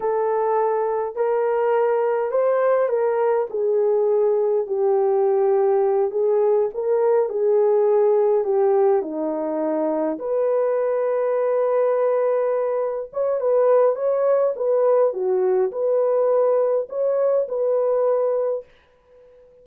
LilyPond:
\new Staff \with { instrumentName = "horn" } { \time 4/4 \tempo 4 = 103 a'2 ais'2 | c''4 ais'4 gis'2 | g'2~ g'8 gis'4 ais'8~ | ais'8 gis'2 g'4 dis'8~ |
dis'4. b'2~ b'8~ | b'2~ b'8 cis''8 b'4 | cis''4 b'4 fis'4 b'4~ | b'4 cis''4 b'2 | }